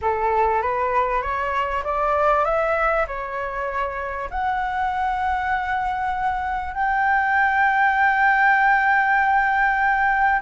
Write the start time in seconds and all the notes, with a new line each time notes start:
0.01 A4
0.62 B4
1.22 C#5
1.84 D5
2.44 E5
3.07 C#5
4.30 F#5
6.74 G5